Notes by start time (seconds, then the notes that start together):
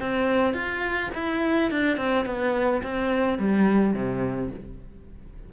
0.00 C4
0.54 F4
1.14 E4
1.71 D4
1.97 C4
2.25 B3
2.83 C4
3.38 G3
3.93 C3